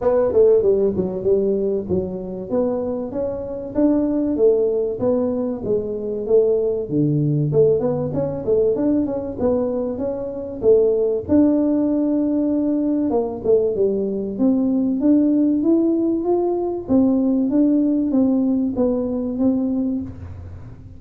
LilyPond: \new Staff \with { instrumentName = "tuba" } { \time 4/4 \tempo 4 = 96 b8 a8 g8 fis8 g4 fis4 | b4 cis'4 d'4 a4 | b4 gis4 a4 d4 | a8 b8 cis'8 a8 d'8 cis'8 b4 |
cis'4 a4 d'2~ | d'4 ais8 a8 g4 c'4 | d'4 e'4 f'4 c'4 | d'4 c'4 b4 c'4 | }